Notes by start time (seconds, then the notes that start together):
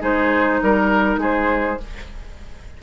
0.00 G#3 D#4 G#4 C5
0.62 G3 A#4
1.18 G#3 G#4 C5